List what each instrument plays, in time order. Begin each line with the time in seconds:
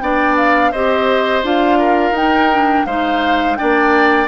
0.00 bassoon B3, clarinet D4, oboe D5, flute G5
0.37 flute F5
0.72 bassoon C4, clarinet G4, oboe C5, flute D#5
1.44 bassoon D4, clarinet F4, flute F5
1.79 oboe A#4
2.11 bassoon D#4, clarinet D#4, flute G5
2.53 clarinet D4
2.86 bassoon G#3, clarinet D#4, oboe C5, flute F5
3.56 clarinet D4, oboe D5, flute G5
3.62 bassoon A#3